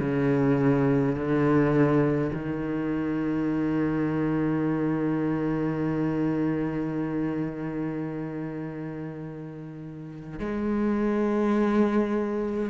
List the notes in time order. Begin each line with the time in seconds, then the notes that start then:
0.00 C#3
1.15 D3
2.33 D#3
10.39 G#3